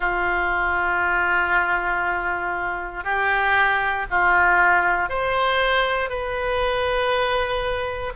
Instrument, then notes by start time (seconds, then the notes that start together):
oboe
0.00 F4
3.04 G4
4.10 F4
5.08 C5
6.09 B4